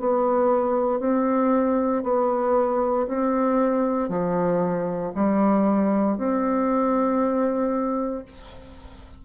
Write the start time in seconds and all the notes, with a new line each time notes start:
0.00 B3
1.00 C4
2.04 B3
3.08 C4
4.09 F3
5.15 G3
6.18 C4